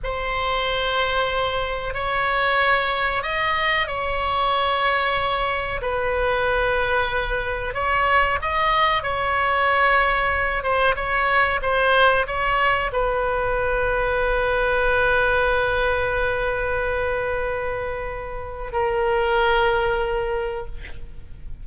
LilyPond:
\new Staff \with { instrumentName = "oboe" } { \time 4/4 \tempo 4 = 93 c''2. cis''4~ | cis''4 dis''4 cis''2~ | cis''4 b'2. | cis''4 dis''4 cis''2~ |
cis''8 c''8 cis''4 c''4 cis''4 | b'1~ | b'1~ | b'4 ais'2. | }